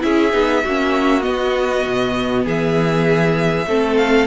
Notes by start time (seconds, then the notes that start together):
0.00 C#4 E4 G#4 E5
0.32 B3 D#4
0.64 A#3 C#4 F#4
1.21 B3 D#5
1.85 B2
2.44 E3 G#4 E5
3.65 A3 C4 A4
3.96 F5